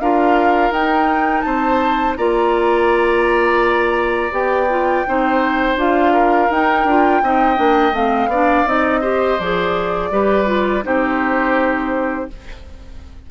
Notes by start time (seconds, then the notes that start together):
0.00 D4 F4 A#4 F5
0.71 D#4 G5
1.41 C4 C5 A5
2.16 A#3 F4 D5 A#5
4.31 B3 G4 G5
4.69 F4
5.07 C4 D#4 C5
5.76 D4 F4 F5
6.13 A#4
6.50 D#4 G5
6.85 D4 F4
7.22 C4 D#4 D#5
7.56 A#3 D4
7.92 A3 C4 F5
8.27 B3 D4 D5
8.66 C4 D#4 D#5
9.01 G4 C5
9.39 F3 G#4 D5
10.11 G3 G4 B4
10.46 F4
10.83 C4 D#4 G4 C5